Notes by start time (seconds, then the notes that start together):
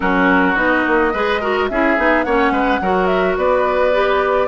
0.00 F#3 C#4 F#4 A#4
0.55 B3 D#4 D#5
0.87 A#3
1.13 G#3 G#4 B4
1.40 F#4 A#4
1.67 C#4 E4 G#4 E5
1.97 B3 D#4
2.23 A#3 C#4 C#5 F#5
2.50 G#3 B4
2.80 F#3 F#4 A#4
3.06 E5
3.36 B3 B4 D5
3.92 G4